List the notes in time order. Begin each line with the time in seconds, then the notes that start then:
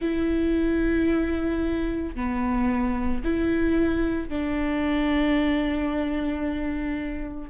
0.00 E4
2.15 B3
3.23 E4
4.29 D4